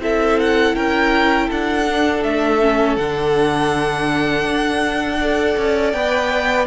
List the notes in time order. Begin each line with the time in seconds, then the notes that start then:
0.00 C4 E4 A4 E5
0.40 F#5
0.76 C#4 A#4 G5
1.47 D4 A4 F#5
1.87 D4
2.23 A3 E5
2.62 C#4
2.96 D3 D4 F#5
4.45 D4
5.20 A4 D5
5.58 C#4
5.92 B3 B4 G5